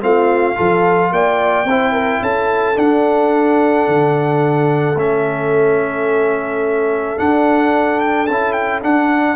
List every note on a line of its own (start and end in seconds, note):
0.00 0.57 A3
0.00 0.55 C4
0.00 0.56 F4
0.00 1.13 F5
0.55 1.11 F3
0.55 1.65 F4
0.55 1.11 A4
1.11 1.64 A#3
1.11 1.68 D5
1.11 2.23 G5
1.64 2.19 C4
1.64 2.75 E4
1.64 1.92 C5
1.92 2.20 A#4
2.21 2.76 C#4
2.21 9.35 A4
2.21 2.78 A5
2.75 4.95 D4
2.75 3.87 D4
2.75 4.98 F#5
3.87 4.95 D3
4.95 7.15 A3
4.95 7.18 C#4
4.95 7.18 E5
7.18 8.28 D4
7.18 8.29 D4
7.18 8.00 F#5
8.00 8.26 G5
8.26 8.83 C#4
8.26 8.82 E4
8.26 8.52 A5
8.52 8.80 G5
8.82 9.35 D4
8.82 9.35 F#5